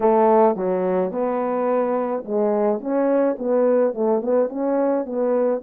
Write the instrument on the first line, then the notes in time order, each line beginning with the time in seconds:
horn
0.00 A3
0.56 F#3
1.11 B3
2.25 G#3
2.80 C#4
3.38 B3
3.94 A3
4.22 B3
4.49 C#4
5.05 B3